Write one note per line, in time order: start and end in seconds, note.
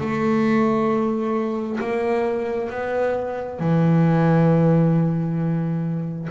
0.00 1.79 A3
1.80 2.70 A#3
2.70 3.59 B3
3.59 6.28 E3